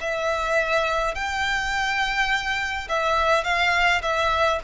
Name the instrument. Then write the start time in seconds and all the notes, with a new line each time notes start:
violin
0.00 E5
1.14 G5
2.88 E5
3.44 F5
4.02 E5